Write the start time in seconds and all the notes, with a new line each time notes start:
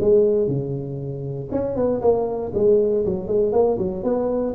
0.00 G#3
0.47 C#3
1.52 C#4
1.76 B3
2.01 A#3
2.54 G#3
3.05 F#3
3.28 G#3
3.52 A#3
3.78 F#3
4.04 B3